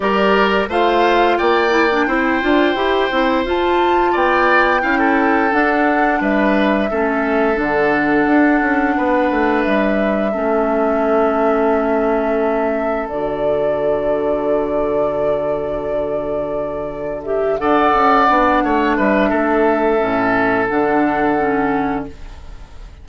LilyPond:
<<
  \new Staff \with { instrumentName = "flute" } { \time 4/4 \tempo 4 = 87 d''4 f''4 g''2~ | g''4 a''4 g''2 | fis''4 e''2 fis''4~ | fis''2 e''2~ |
e''2. d''4~ | d''1~ | d''4 e''8 fis''2 e''8~ | e''2 fis''2 | }
  \new Staff \with { instrumentName = "oboe" } { \time 4/4 ais'4 c''4 d''4 c''4~ | c''2 d''4 f''16 a'8.~ | a'4 b'4 a'2~ | a'4 b'2 a'4~ |
a'1~ | a'1~ | a'4. d''4. cis''8 b'8 | a'1 | }
  \new Staff \with { instrumentName = "clarinet" } { \time 4/4 g'4 f'4. e'16 d'16 e'8 f'8 | g'8 e'8 f'2 e'4 | d'2 cis'4 d'4~ | d'2. cis'4~ |
cis'2. fis'4~ | fis'1~ | fis'4 g'8 a'4 d'4.~ | d'4 cis'4 d'4 cis'4 | }
  \new Staff \with { instrumentName = "bassoon" } { \time 4/4 g4 a4 ais4 c'8 d'8 | e'8 c'8 f'4 b4 cis'4 | d'4 g4 a4 d4 | d'8 cis'8 b8 a8 g4 a4~ |
a2. d4~ | d1~ | d4. d'8 cis'8 b8 a8 g8 | a4 a,4 d2 | }
>>